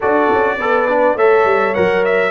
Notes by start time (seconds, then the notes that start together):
0.00 D4 F#4 A4 D5
0.33 C#4
0.57 B3 A4 B4
0.88 D4
1.15 A3 A4 C#5 E5
1.44 G3
1.74 F#3 A#4 F#5
2.04 E5